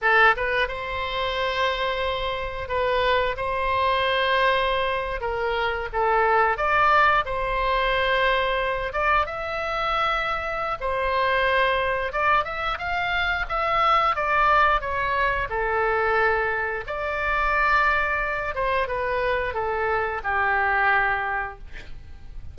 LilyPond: \new Staff \with { instrumentName = "oboe" } { \time 4/4 \tempo 4 = 89 a'8 b'8 c''2. | b'4 c''2~ c''8. ais'16~ | ais'8. a'4 d''4 c''4~ c''16~ | c''4~ c''16 d''8 e''2~ e''16 |
c''2 d''8 e''8 f''4 | e''4 d''4 cis''4 a'4~ | a'4 d''2~ d''8 c''8 | b'4 a'4 g'2 | }